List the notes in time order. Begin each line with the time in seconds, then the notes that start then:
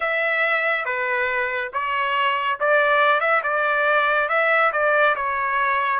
0.00 E5
0.85 B4
1.73 C#5
2.59 D5
3.20 E5
3.43 D5
4.29 E5
4.72 D5
5.15 C#5